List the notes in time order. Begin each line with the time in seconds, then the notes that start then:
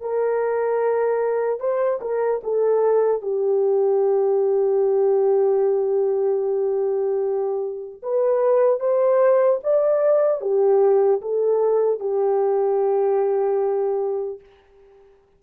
0.00 A#4
1.60 C5
2.01 A#4
2.43 A4
3.21 G4
8.03 B4
8.79 C5
9.63 D5
10.41 G4
11.21 A4
11.99 G4